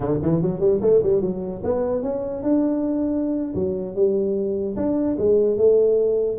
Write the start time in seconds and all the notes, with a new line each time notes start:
0.00 D3
0.21 E3
0.42 F#3
0.60 G3
0.81 A3
1.02 G3
1.21 F#3
1.63 B3
2.02 C#4
2.42 D4
3.54 F#3
3.95 G3
4.76 D4
5.18 G#3
5.57 A3